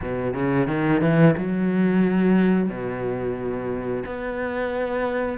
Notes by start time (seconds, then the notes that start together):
0.01 B2
0.34 C#3
0.67 D#3
1.01 E3
1.37 F#3
2.69 B2
4.05 B3